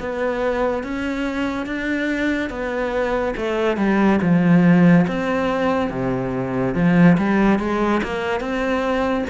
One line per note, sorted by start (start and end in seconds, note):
0.00 0.84 B3
0.84 1.67 C#4
1.67 2.50 D4
2.50 3.35 B3
3.37 3.77 A3
3.77 4.19 G3
4.22 5.07 F3
5.08 5.90 C4
5.90 6.75 C3
6.75 7.17 F3
7.18 7.59 G3
7.59 8.02 G#3
8.04 8.40 A#3
8.40 9.25 C4